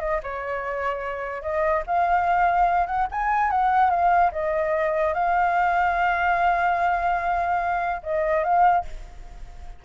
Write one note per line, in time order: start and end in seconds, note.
0.00 0.21 D#5
0.23 1.42 C#5
1.42 1.83 D#5
1.87 2.87 F5
2.87 3.07 F#5
3.11 3.51 G#5
3.51 3.90 F#5
3.90 4.31 F5
4.32 5.14 D#5
5.14 8.01 F5
8.03 8.44 D#5
8.44 8.85 F5